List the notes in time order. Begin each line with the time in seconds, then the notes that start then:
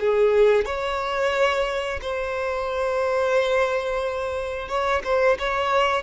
0.00 G#4
0.65 C#5
2.01 C5
4.68 C#5
5.04 C5
5.39 C#5